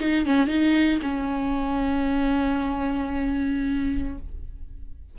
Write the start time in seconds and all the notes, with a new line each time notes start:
0.00 D#4
0.26 C#4
0.48 D#4
1.02 C#4